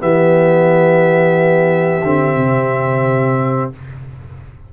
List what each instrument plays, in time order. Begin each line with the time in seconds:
0.00 tuba E3, trombone B3, horn G4, trumpet E5
2.04 tuba D3, trombone C4
2.36 tuba C3